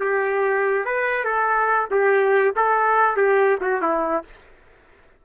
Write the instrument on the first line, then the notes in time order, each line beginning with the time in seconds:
trumpet
0.00 G4
0.85 B4
1.25 A4
1.91 G4
2.56 A4
3.17 G4
3.61 F#4
3.82 E4